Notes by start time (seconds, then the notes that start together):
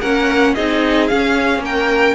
0.00 A#3 C#4 A#4 F#5
0.54 C4 D#4 G#4 D#5
1.08 C#4 F5
1.59 A#3
1.65 A#4 G5